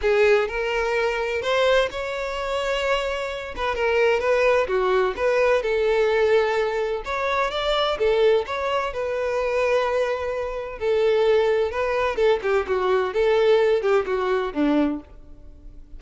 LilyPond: \new Staff \with { instrumentName = "violin" } { \time 4/4 \tempo 4 = 128 gis'4 ais'2 c''4 | cis''2.~ cis''8 b'8 | ais'4 b'4 fis'4 b'4 | a'2. cis''4 |
d''4 a'4 cis''4 b'4~ | b'2. a'4~ | a'4 b'4 a'8 g'8 fis'4 | a'4. g'8 fis'4 d'4 | }